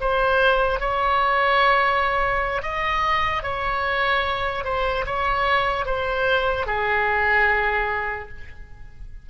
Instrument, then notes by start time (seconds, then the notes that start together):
oboe
0.00 C5
0.80 C#5
2.62 D#5
3.43 C#5
4.64 C5
5.06 C#5
5.86 C5
6.66 G#4